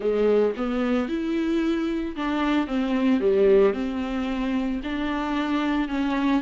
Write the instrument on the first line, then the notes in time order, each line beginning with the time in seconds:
viola
0.00 G#3
0.56 B3
1.08 E4
2.16 D4
2.67 C4
3.20 G3
3.73 C4
4.83 D4
5.88 C#4